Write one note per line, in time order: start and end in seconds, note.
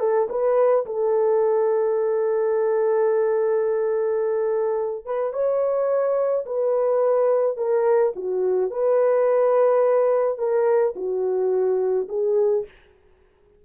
0.00 0.28 A4
0.30 0.86 B4
0.86 5.06 A4
5.06 5.33 B4
5.33 6.46 C#5
6.46 7.58 B4
7.58 8.14 A#4
8.16 8.71 F#4
8.71 10.39 B4
10.39 10.95 A#4
10.96 12.08 F#4
12.09 12.65 G#4